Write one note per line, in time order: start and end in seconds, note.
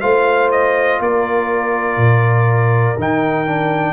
0.00 1.00 A3
0.00 2.96 F4
0.00 0.99 C5
0.00 0.49 F5
0.51 1.00 D#5
1.00 1.97 A#3
1.00 3.93 A#4
1.00 2.99 D5
1.97 2.95 A#2
2.98 3.93 D#3
2.98 3.46 D#4
2.98 3.93 G5
3.46 3.93 D4